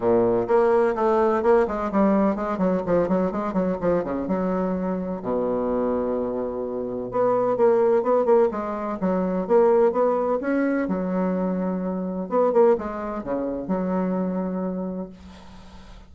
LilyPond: \new Staff \with { instrumentName = "bassoon" } { \time 4/4 \tempo 4 = 127 ais,4 ais4 a4 ais8 gis8 | g4 gis8 fis8 f8 fis8 gis8 fis8 | f8 cis8 fis2 b,4~ | b,2. b4 |
ais4 b8 ais8 gis4 fis4 | ais4 b4 cis'4 fis4~ | fis2 b8 ais8 gis4 | cis4 fis2. | }